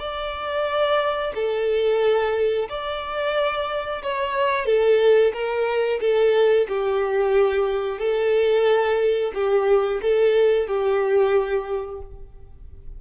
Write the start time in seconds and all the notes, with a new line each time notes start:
0.00 D5
1.36 A4
2.69 D5
4.03 C#5
4.66 A4
5.34 A#4
6.01 A4
6.69 G4
7.99 A4
9.35 G4
10.02 A4
10.68 G4